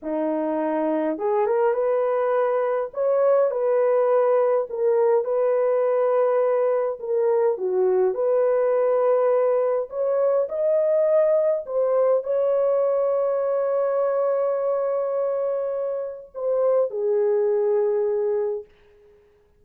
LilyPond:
\new Staff \with { instrumentName = "horn" } { \time 4/4 \tempo 4 = 103 dis'2 gis'8 ais'8 b'4~ | b'4 cis''4 b'2 | ais'4 b'2. | ais'4 fis'4 b'2~ |
b'4 cis''4 dis''2 | c''4 cis''2.~ | cis''1 | c''4 gis'2. | }